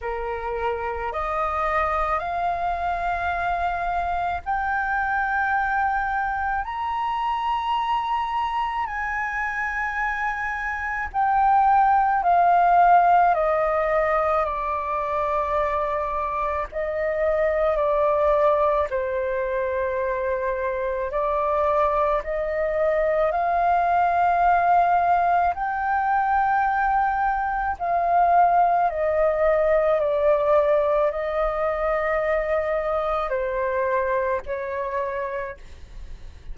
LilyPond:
\new Staff \with { instrumentName = "flute" } { \time 4/4 \tempo 4 = 54 ais'4 dis''4 f''2 | g''2 ais''2 | gis''2 g''4 f''4 | dis''4 d''2 dis''4 |
d''4 c''2 d''4 | dis''4 f''2 g''4~ | g''4 f''4 dis''4 d''4 | dis''2 c''4 cis''4 | }